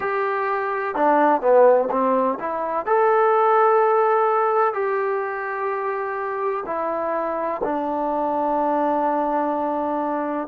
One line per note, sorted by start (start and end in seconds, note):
0.00 0.95 G4
0.95 1.41 D4
1.41 1.88 B3
1.90 2.38 C4
2.39 2.86 E4
2.86 4.73 A4
4.73 6.64 G4
6.65 7.61 E4
7.63 10.48 D4